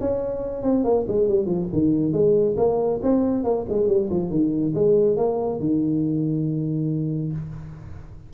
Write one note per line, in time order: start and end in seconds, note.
0.00 0.62 C#4
0.62 0.84 C4
0.84 1.06 A#3
1.08 1.28 G#3
1.28 1.45 G3
1.45 1.67 F3
1.72 2.12 D#3
2.12 2.55 G#3
2.57 3.00 A#3
3.02 3.44 C4
3.44 3.65 A#3
3.69 3.87 G#3
3.87 4.09 G3
4.10 4.30 F3
4.30 4.73 D#3
4.74 5.16 G#3
5.16 5.60 A#3
5.60 7.32 D#3